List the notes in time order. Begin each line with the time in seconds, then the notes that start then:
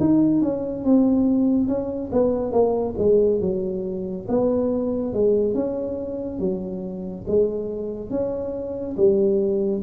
0.00 D#4
0.42 C#4
0.84 C4
1.68 C#4
2.13 B3
2.52 A#3
2.98 G#3
3.41 F#3
4.29 B3
5.14 G#3
5.54 C#4
6.40 F#3
7.28 G#3
8.10 C#4
8.97 G3